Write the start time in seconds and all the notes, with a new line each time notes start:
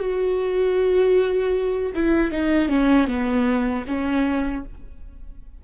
0.00 F#4
1.95 E4
2.31 D#4
2.69 C#4
3.08 B3
3.87 C#4